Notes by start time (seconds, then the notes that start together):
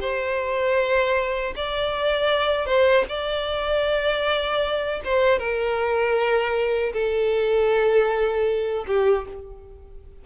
0.00 C5
1.56 D5
2.66 C5
3.09 D5
5.04 C5
5.39 A#4
6.93 A4
8.87 G4